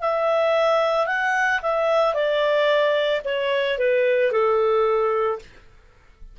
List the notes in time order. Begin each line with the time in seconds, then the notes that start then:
0.00 E5
1.06 F#5
1.62 E5
2.14 D5
3.24 C#5
3.78 B4
4.31 A4